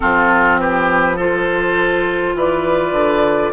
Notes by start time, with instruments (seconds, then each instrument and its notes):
0.00 bassoon F3, clarinet C4, oboe F4, flute A4
0.59 oboe G4, flute B4
1.16 clarinet F4, oboe A4, flute C5
2.34 bassoon E3, oboe B4, flute D5
2.92 bassoon D3